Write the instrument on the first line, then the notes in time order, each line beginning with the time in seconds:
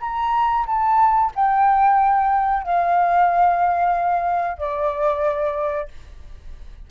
flute
0.00 A#5
0.66 A5
1.35 G5
2.63 F5
4.57 D5